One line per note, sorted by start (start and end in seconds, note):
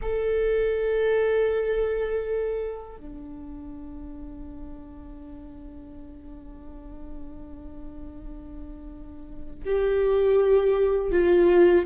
0.02 2.97 A4
2.97 9.64 D4
9.65 11.11 G4
11.11 11.85 F4